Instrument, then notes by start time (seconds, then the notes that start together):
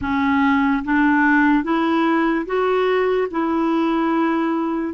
clarinet
0.01 C#4
0.84 D4
1.63 E4
2.45 F#4
3.30 E4